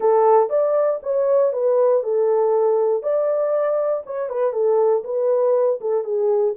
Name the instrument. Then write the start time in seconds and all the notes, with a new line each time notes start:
horn
0.00 A4
0.49 D5
1.02 C#5
1.52 B4
2.03 A4
3.03 D5
4.06 C#5
4.29 B4
4.52 A4
5.04 B4
5.81 A4
6.04 G#4